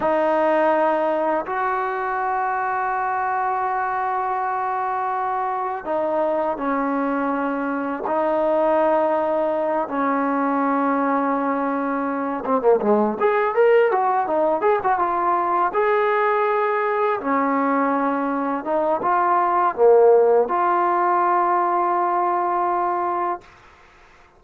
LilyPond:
\new Staff \with { instrumentName = "trombone" } { \time 4/4 \tempo 4 = 82 dis'2 fis'2~ | fis'1 | dis'4 cis'2 dis'4~ | dis'4. cis'2~ cis'8~ |
cis'4 c'16 ais16 gis8 gis'8 ais'8 fis'8 dis'8 | gis'16 fis'16 f'4 gis'2 cis'8~ | cis'4. dis'8 f'4 ais4 | f'1 | }